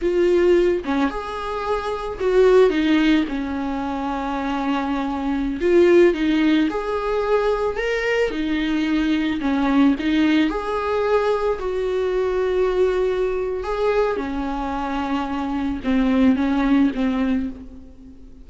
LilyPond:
\new Staff \with { instrumentName = "viola" } { \time 4/4 \tempo 4 = 110 f'4. cis'8 gis'2 | fis'4 dis'4 cis'2~ | cis'2~ cis'16 f'4 dis'8.~ | dis'16 gis'2 ais'4 dis'8.~ |
dis'4~ dis'16 cis'4 dis'4 gis'8.~ | gis'4~ gis'16 fis'2~ fis'8.~ | fis'4 gis'4 cis'2~ | cis'4 c'4 cis'4 c'4 | }